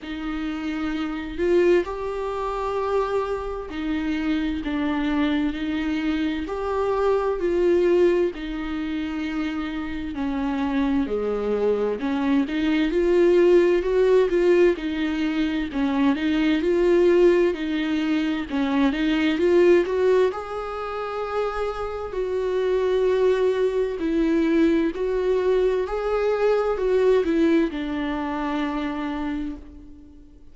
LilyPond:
\new Staff \with { instrumentName = "viola" } { \time 4/4 \tempo 4 = 65 dis'4. f'8 g'2 | dis'4 d'4 dis'4 g'4 | f'4 dis'2 cis'4 | gis4 cis'8 dis'8 f'4 fis'8 f'8 |
dis'4 cis'8 dis'8 f'4 dis'4 | cis'8 dis'8 f'8 fis'8 gis'2 | fis'2 e'4 fis'4 | gis'4 fis'8 e'8 d'2 | }